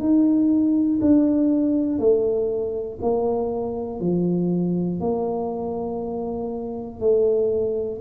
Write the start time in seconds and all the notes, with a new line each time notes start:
0.00 D#4
1.01 D4
1.99 A3
3.02 A#3
4.01 F3
5.00 A#3
7.00 A3